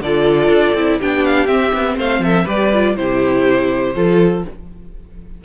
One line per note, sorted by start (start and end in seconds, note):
0.00 0.48 D3
0.00 0.77 F4
0.00 0.99 A4
0.00 1.00 D5
0.48 0.73 D4
0.74 0.98 C4
0.74 1.01 E4
0.99 1.47 B3
0.99 1.47 D4
0.99 1.97 G4
0.99 1.25 G5
1.25 1.47 F5
1.47 1.72 C4
1.47 2.45 C4
1.47 1.96 E5
1.73 1.98 B3
1.97 2.20 A3
1.97 2.22 C5
1.97 2.23 F5
2.20 2.44 F3
2.20 2.45 A4
2.20 2.48 E5
2.45 2.96 G3
2.45 2.70 G4
2.45 2.94 B4
2.45 2.97 D5
2.73 2.96 F4
2.96 3.95 C3
2.96 3.95 E4
2.96 3.95 G4
2.96 4.44 C5
3.95 4.44 F3
3.95 4.44 F4
3.95 4.44 A4